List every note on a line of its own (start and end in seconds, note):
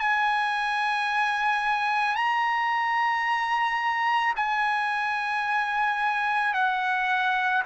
0.00 2.16 G#5
2.16 4.34 A#5
4.36 6.54 G#5
6.54 7.63 F#5